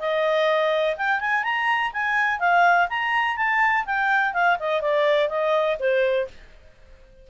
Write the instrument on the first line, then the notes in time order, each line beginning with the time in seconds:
clarinet
0.00 D#5
0.97 G5
1.20 G#5
1.44 A#5
1.94 G#5
2.40 F5
2.90 A#5
3.37 A5
3.86 G5
4.34 F5
4.60 D#5
4.82 D5
5.29 D#5
5.80 C5